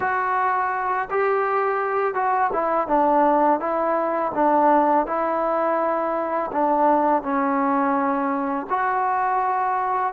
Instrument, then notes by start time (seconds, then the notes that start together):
trombone
0.00 F#4
1.10 G4
2.14 F#4
2.52 E4
2.87 D4
3.59 E4
4.34 D4
5.06 E4
6.52 D4
7.22 C#4
8.69 F#4